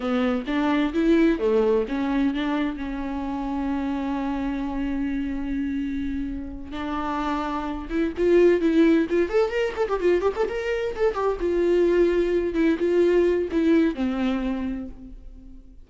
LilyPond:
\new Staff \with { instrumentName = "viola" } { \time 4/4 \tempo 4 = 129 b4 d'4 e'4 a4 | cis'4 d'4 cis'2~ | cis'1~ | cis'2~ cis'8 d'4.~ |
d'4 e'8 f'4 e'4 f'8 | a'8 ais'8 a'16 g'16 f'8 g'16 a'16 ais'4 a'8 | g'8 f'2~ f'8 e'8 f'8~ | f'4 e'4 c'2 | }